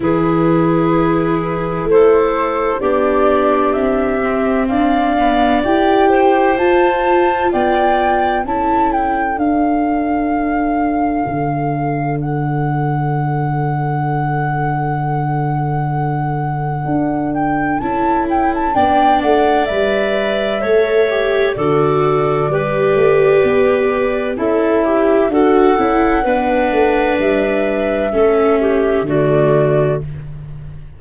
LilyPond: <<
  \new Staff \with { instrumentName = "flute" } { \time 4/4 \tempo 4 = 64 b'2 c''4 d''4 | e''4 f''4 g''4 a''4 | g''4 a''8 g''8 f''2~ | f''4 fis''2.~ |
fis''2~ fis''8 g''8 a''8 g''16 a''16 | g''8 fis''8 e''2 d''4~ | d''2 e''4 fis''4~ | fis''4 e''2 d''4 | }
  \new Staff \with { instrumentName = "clarinet" } { \time 4/4 gis'2 a'4 g'4~ | g'4 d''4. c''4. | d''4 a'2.~ | a'1~ |
a'1 | d''2 cis''4 a'4 | b'2 e'4 a'4 | b'2 a'8 g'8 fis'4 | }
  \new Staff \with { instrumentName = "viola" } { \time 4/4 e'2. d'4~ | d'8 c'4 b8 g'4 f'4~ | f'4 e'4 d'2~ | d'1~ |
d'2. e'4 | d'4 b'4 a'8 g'8 fis'4 | g'2 a'8 g'8 fis'8 e'8 | d'2 cis'4 a4 | }
  \new Staff \with { instrumentName = "tuba" } { \time 4/4 e2 a4 b4 | c'4 d'4 e'4 f'4 | b4 cis'4 d'2 | d1~ |
d2 d'4 cis'4 | b8 a8 g4 a4 d4 | g8 a8 b4 cis'4 d'8 cis'8 | b8 a8 g4 a4 d4 | }
>>